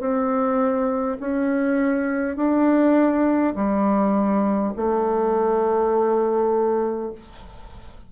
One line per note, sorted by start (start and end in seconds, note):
0.00 1.18 C4
1.20 2.36 C#4
2.36 3.54 D4
3.56 4.73 G3
4.76 7.12 A3